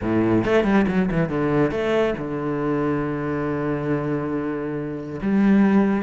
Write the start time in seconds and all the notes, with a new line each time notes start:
0.02 A2
0.45 A3
0.64 G3
0.87 F#3
1.11 E3
1.29 D3
1.71 A3
2.17 D3
5.22 G3